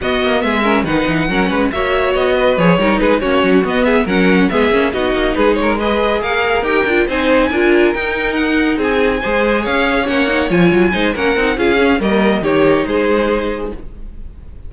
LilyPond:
<<
  \new Staff \with { instrumentName = "violin" } { \time 4/4 \tempo 4 = 140 dis''4 e''4 fis''2 | e''4 dis''4 cis''4 b'8 cis''8~ | cis''8 dis''8 e''8 fis''4 e''4 dis''8~ | dis''8 b'8 cis''8 dis''4 f''4 g''8~ |
g''8 gis''2 g''4 fis''8~ | fis''8 gis''2 f''4 fis''8~ | fis''8 gis''4. fis''4 f''4 | dis''4 cis''4 c''2 | }
  \new Staff \with { instrumentName = "violin" } { \time 4/4 fis'4 gis'8 ais'8 b'4 ais'8 b'8 | cis''4. b'4 ais'8 gis'8 fis'8~ | fis'4 gis'8 ais'4 gis'4 fis'8~ | fis'8 gis'8 ais'8 b'4 ais'4.~ |
ais'8 c''4 ais'2~ ais'8~ | ais'8 gis'4 c''4 cis''4.~ | cis''4. c''8 ais'4 gis'4 | ais'4 g'4 gis'2 | }
  \new Staff \with { instrumentName = "viola" } { \time 4/4 b4. cis'8 dis'4 cis'4 | fis'2 gis'8 dis'4 cis'8~ | cis'8 b4 cis'4 b8 cis'8 dis'8~ | dis'4. gis'2 g'8 |
f'8 dis'4 f'4 dis'4.~ | dis'4. gis'2 cis'8 | dis'8 f'4 dis'8 cis'8 dis'8 f'8 cis'8 | ais4 dis'2. | }
  \new Staff \with { instrumentName = "cello" } { \time 4/4 b8 ais8 gis4 dis8 e8 fis8 gis8 | ais4 b4 f8 g8 gis8 ais8 | fis8 b4 fis4 gis8 ais8 b8 | ais8 gis2 ais4 dis'8 |
d'8 c'4 d'4 dis'4.~ | dis'8 c'4 gis4 cis'4 ais8~ | ais8 f8 fis8 gis8 ais8 c'8 cis'4 | g4 dis4 gis2 | }
>>